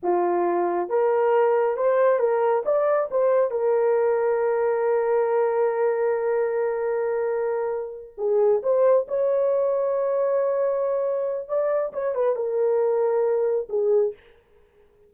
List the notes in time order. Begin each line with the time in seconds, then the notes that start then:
0.02 F4
0.89 A#4
1.76 C5
2.19 A#4
2.65 D5
3.10 C5
3.51 A#4
8.17 G#4
8.62 C5
9.07 C#5
11.48 D5
11.93 C#5
12.14 B4
12.35 A#4
13.69 G#4